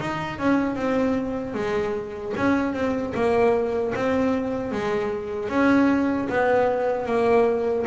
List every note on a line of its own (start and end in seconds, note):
0.00 0.39 D#4
0.39 0.75 C#4
0.75 1.54 C4
1.54 2.33 G#3
2.36 2.73 C#4
2.73 3.13 C4
3.14 3.93 A#3
3.95 4.72 C4
4.72 5.49 G#3
5.49 6.28 C#4
6.29 7.06 B3
7.06 7.85 A#3